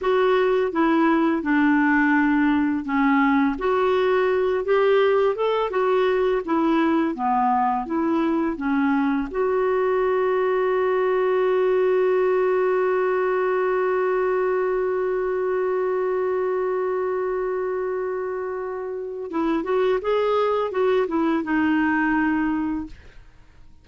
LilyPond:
\new Staff \with { instrumentName = "clarinet" } { \time 4/4 \tempo 4 = 84 fis'4 e'4 d'2 | cis'4 fis'4. g'4 a'8 | fis'4 e'4 b4 e'4 | cis'4 fis'2.~ |
fis'1~ | fis'1~ | fis'2. e'8 fis'8 | gis'4 fis'8 e'8 dis'2 | }